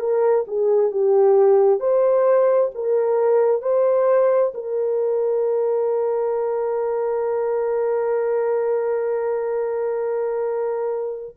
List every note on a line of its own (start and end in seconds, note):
0.00 0.45 A#4
0.48 0.92 G#4
0.92 1.80 G4
1.80 2.71 C5
2.75 3.62 A#4
3.62 4.53 C5
4.55 11.36 A#4